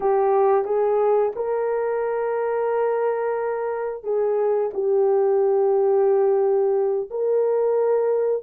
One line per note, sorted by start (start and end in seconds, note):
0.00 0.64 G4
0.64 1.32 G#4
1.35 4.03 A#4
4.03 4.70 G#4
4.73 7.09 G4
7.10 8.43 A#4